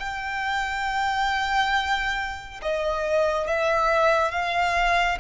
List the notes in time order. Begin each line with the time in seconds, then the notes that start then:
0.00 G5
2.62 D#5
3.47 E5
4.31 F5